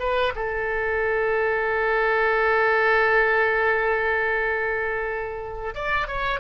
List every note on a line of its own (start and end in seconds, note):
0.00 0.34 B4
0.36 5.75 A4
5.75 6.08 D5
6.08 6.40 C#5